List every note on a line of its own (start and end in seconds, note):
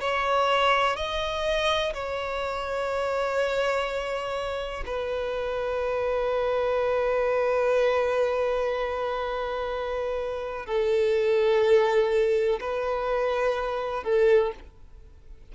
0.00 0.96 C#5
0.96 1.93 D#5
1.93 4.83 C#5
4.86 10.66 B4
10.66 12.59 A4
12.60 14.04 B4
14.04 14.52 A4